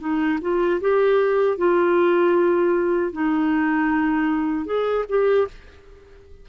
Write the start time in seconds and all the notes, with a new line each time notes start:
0.00 D#4
0.42 F4
0.81 G4
1.58 F4
3.13 D#4
4.66 G#4
5.09 G4